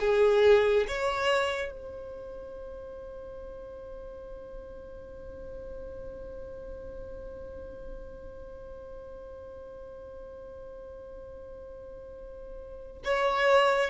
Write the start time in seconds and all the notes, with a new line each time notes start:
0.00 G#4
0.88 C#5
1.72 C5
13.05 C#5